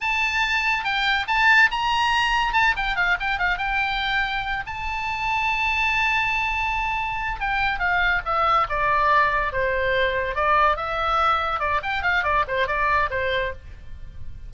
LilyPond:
\new Staff \with { instrumentName = "oboe" } { \time 4/4 \tempo 4 = 142 a''2 g''4 a''4 | ais''2 a''8 g''8 f''8 g''8 | f''8 g''2~ g''8 a''4~ | a''1~ |
a''4. g''4 f''4 e''8~ | e''8 d''2 c''4.~ | c''8 d''4 e''2 d''8 | g''8 f''8 d''8 c''8 d''4 c''4 | }